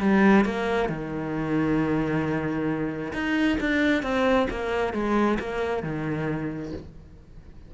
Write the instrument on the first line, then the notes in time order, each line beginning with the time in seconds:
cello
0.00 G3
0.45 A#3
0.89 D#3
3.13 D#4
3.60 D4
4.03 C4
4.50 A#3
4.93 G#3
5.39 A#3
5.83 D#3